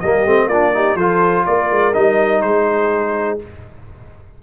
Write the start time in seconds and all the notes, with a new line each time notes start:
0.00 G3 A#3 G4 D#5
0.26 A3 C4
0.47 A#3 D4 F4 D5
0.74 D#4 G4
0.95 F3 F4 A4 C5
1.46 A#3 A#4 D5
1.71 G#3
1.94 G3 D#4 D#5
2.42 G#3 G#4 C5